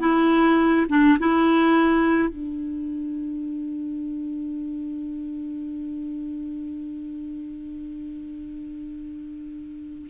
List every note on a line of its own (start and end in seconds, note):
0.00 0.87 E4
0.89 1.18 D4
1.20 2.29 E4
2.29 10.08 D4